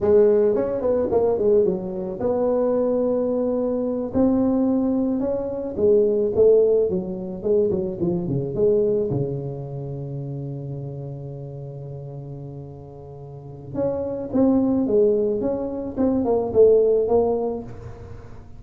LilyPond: \new Staff \with { instrumentName = "tuba" } { \time 4/4 \tempo 4 = 109 gis4 cis'8 b8 ais8 gis8 fis4 | b2.~ b8 c'8~ | c'4. cis'4 gis4 a8~ | a8 fis4 gis8 fis8 f8 cis8 gis8~ |
gis8 cis2.~ cis8~ | cis1~ | cis4 cis'4 c'4 gis4 | cis'4 c'8 ais8 a4 ais4 | }